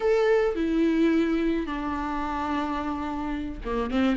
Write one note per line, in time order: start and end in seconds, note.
0.00 0.55 A4
0.55 1.66 E4
1.66 3.60 D4
3.64 3.90 A#3
3.90 4.16 C4